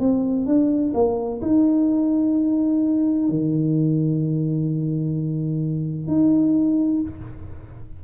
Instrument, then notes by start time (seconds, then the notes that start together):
tuba
0.00 C4
0.46 D4
0.95 A#3
1.42 D#4
3.29 D#3
6.08 D#4